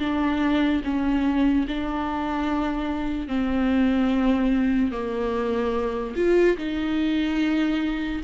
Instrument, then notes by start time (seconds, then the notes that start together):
viola
0.00 D4
0.84 C#4
1.68 D4
3.28 C4
4.92 A#3
6.16 F4
6.58 D#4